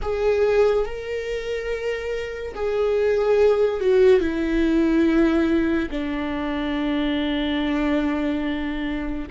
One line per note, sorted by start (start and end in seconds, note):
0.02 0.85 G#4
0.85 2.54 A#4
2.54 3.80 G#4
3.80 4.20 F#4
4.20 5.89 E4
5.90 9.28 D4